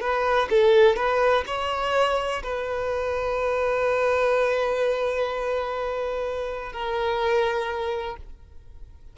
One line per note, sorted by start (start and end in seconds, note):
0.00 0.48 B4
0.49 0.96 A4
0.96 1.44 B4
1.46 2.42 C#5
2.43 6.72 B4
6.72 8.16 A#4